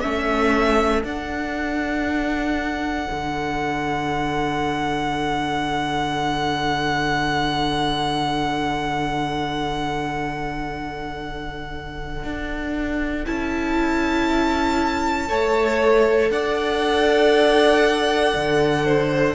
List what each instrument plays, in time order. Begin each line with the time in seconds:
0.00 cello A3, viola C#4, violin A4 E5
1.03 cello D4, viola D4, violin F#5
3.11 cello D3
12.24 cello D4
13.25 cello C#4, viola E4, violin A5
15.27 cello A3, viola A4, violin C#5
16.30 cello D4, violin D5 F#5
18.35 cello D3
18.85 violin C5